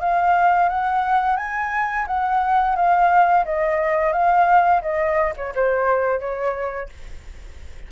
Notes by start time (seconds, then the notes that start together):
0.00 F5
0.69 F#5
1.37 G#5
2.07 F#5
2.76 F5
3.45 D#5
4.13 F5
4.82 D#5
5.37 C#5
5.55 C5
6.20 C#5